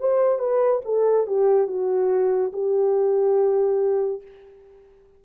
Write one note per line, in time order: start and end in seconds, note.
0.00 0.39 C5
0.39 0.81 B4
0.85 1.27 A4
1.27 1.67 G4
1.67 2.52 F#4
2.53 4.22 G4